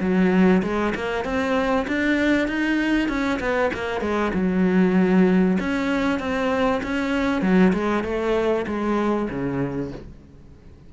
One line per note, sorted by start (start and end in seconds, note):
0.00 0.62 F#3
0.62 0.93 G#3
0.95 1.24 A#3
1.24 1.86 C4
1.87 2.47 D4
2.47 3.08 D#4
3.08 3.39 C#4
3.39 3.70 B3
3.73 4.01 A#3
4.01 4.32 G#3
4.34 5.58 F#3
5.60 6.19 C#4
6.19 6.81 C4
6.83 7.41 C#4
7.41 7.73 F#3
7.73 8.04 G#3
8.04 8.65 A3
8.67 9.28 G#3
9.30 9.92 C#3